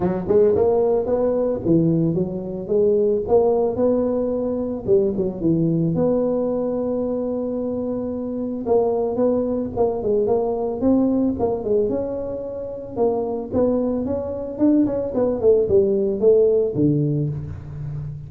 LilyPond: \new Staff \with { instrumentName = "tuba" } { \time 4/4 \tempo 4 = 111 fis8 gis8 ais4 b4 e4 | fis4 gis4 ais4 b4~ | b4 g8 fis8 e4 b4~ | b1 |
ais4 b4 ais8 gis8 ais4 | c'4 ais8 gis8 cis'2 | ais4 b4 cis'4 d'8 cis'8 | b8 a8 g4 a4 d4 | }